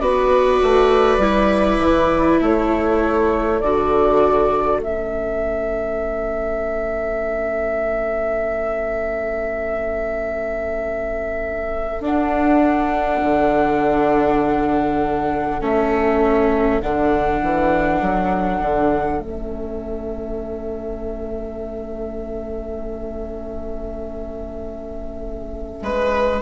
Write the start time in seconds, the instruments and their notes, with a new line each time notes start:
0.00 bassoon B3, viola F#4 B4, flute D5
0.62 bassoon A3
1.18 bassoon G3, viola E4
1.79 bassoon E3
2.41 bassoon A3, viola A4, flute C#5
3.60 bassoon D3, viola F#4, flute D5
4.79 bassoon A3, viola C#4, flute E5
12.00 bassoon D4, viola D4, flute F#5
13.21 bassoon D3
15.61 bassoon A3, viola C#4, flute E5
16.81 bassoon D3, viola D4, flute F#5
17.42 bassoon E3
18.01 bassoon F#3
18.61 bassoon D3
19.18 bassoon A3, viola C#4, flute E5
25.82 bassoon G#3, viola B4